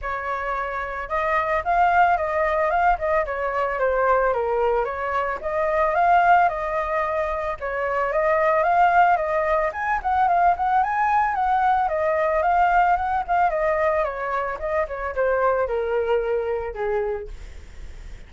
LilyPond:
\new Staff \with { instrumentName = "flute" } { \time 4/4 \tempo 4 = 111 cis''2 dis''4 f''4 | dis''4 f''8 dis''8 cis''4 c''4 | ais'4 cis''4 dis''4 f''4 | dis''2 cis''4 dis''4 |
f''4 dis''4 gis''8 fis''8 f''8 fis''8 | gis''4 fis''4 dis''4 f''4 | fis''8 f''8 dis''4 cis''4 dis''8 cis''8 | c''4 ais'2 gis'4 | }